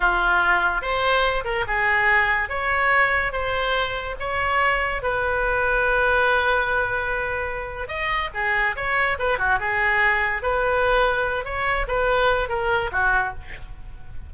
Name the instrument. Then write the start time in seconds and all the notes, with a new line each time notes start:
oboe
0.00 F4
0.81 C5
1.44 A#4
1.67 G#4
2.49 C#5
3.32 C5
4.19 C#5
5.02 B4
7.87 D#5
8.34 G#4
8.76 C#5
9.19 B4
9.38 F#4
9.59 G#4
10.42 B4
11.44 C#5
11.87 B4
12.48 A#4
12.92 F#4